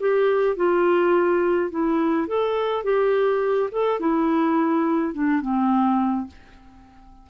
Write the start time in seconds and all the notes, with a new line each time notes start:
0.00 G4
0.56 F4
1.71 E4
2.27 A4
2.84 G4
3.71 A4
4.00 E4
5.14 D4
5.41 C4